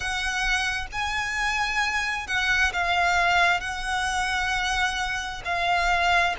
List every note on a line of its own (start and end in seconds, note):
0.00 0.86 F#5
0.91 2.27 G#5
2.27 2.72 F#5
2.73 3.60 F5
3.60 5.42 F#5
5.44 6.35 F5